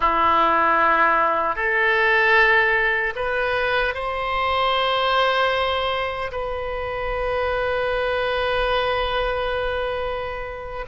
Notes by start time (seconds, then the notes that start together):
0.00 E4
1.55 A4
3.15 B4
3.94 C5
6.31 B4